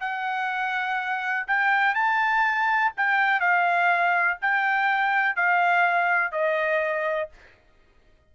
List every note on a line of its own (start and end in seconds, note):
0.00 1.46 F#5
1.47 1.94 G5
1.94 2.92 A5
2.97 3.40 G5
3.40 4.37 F5
4.41 5.35 G5
5.35 6.31 F5
6.31 7.29 D#5